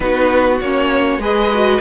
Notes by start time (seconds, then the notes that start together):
0.00 B3 D#4 F#4 B4
0.60 A#3 C#4 C#5
1.17 G#3 G#4 B4 D#5
1.54 F#4